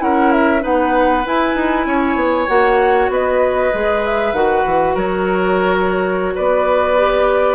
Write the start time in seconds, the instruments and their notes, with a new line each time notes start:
0.00 bassoon C#4, clarinet E4, oboe A#4, flute F#5
0.32 flute E5
0.61 bassoon B3, clarinet D#4, oboe B4, flute F#5
1.26 clarinet E4, bassoon E4, flute G#5
1.55 bassoon D#4
1.86 bassoon C#4, oboe C#5
2.16 bassoon B3
2.48 bassoon A#3, clarinet F#4, flute F#5
3.09 bassoon B3, oboe B4, flute D#5
3.73 bassoon G#3, clarinet G#4
4.06 flute E5
4.33 bassoon D#3, clarinet F#4, flute F#5
4.66 bassoon E3
4.95 bassoon F#3, oboe A#4, flute C#5
6.35 bassoon B3, oboe B4, flute D5
6.98 clarinet G4